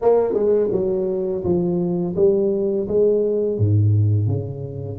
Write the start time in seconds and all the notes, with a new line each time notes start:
0.01 A#3
0.33 G#3
0.71 F#3
1.44 F3
2.16 G3
2.88 G#3
3.58 G#2
4.27 C#3